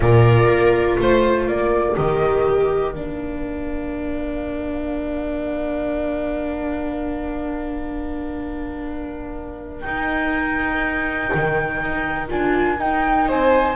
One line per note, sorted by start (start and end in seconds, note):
0.00 0.47 A#2
0.00 1.95 F4
0.00 1.00 A#4
0.00 0.99 D5
0.47 0.97 A#3
0.98 1.47 A3
0.98 1.46 C5
0.98 1.49 C5
1.46 1.96 A#3
1.46 13.26 A#4
1.46 1.96 D5
1.95 2.94 D#3
1.95 2.93 G4
1.95 2.94 D#5
2.94 9.82 A#3
2.94 9.83 D4
2.94 9.80 F5
9.80 11.31 D#4
9.80 12.28 D#4
9.80 12.26 G5
11.34 11.80 D#3
11.80 12.30 D#4
12.28 12.80 D4
12.28 12.77 F4
12.28 12.80 G#5
12.78 13.76 D#4
12.78 13.29 D#4
12.78 13.29 G5
13.28 13.76 C4
13.28 13.76 C5
13.28 13.76 G#5